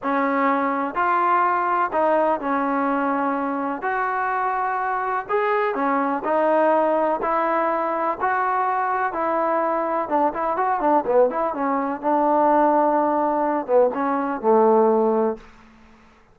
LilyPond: \new Staff \with { instrumentName = "trombone" } { \time 4/4 \tempo 4 = 125 cis'2 f'2 | dis'4 cis'2. | fis'2. gis'4 | cis'4 dis'2 e'4~ |
e'4 fis'2 e'4~ | e'4 d'8 e'8 fis'8 d'8 b8 e'8 | cis'4 d'2.~ | d'8 b8 cis'4 a2 | }